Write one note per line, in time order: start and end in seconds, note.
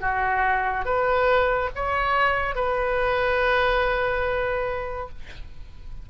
0.00 0.85 F#4
0.85 1.69 B4
1.75 2.55 C#5
2.55 5.08 B4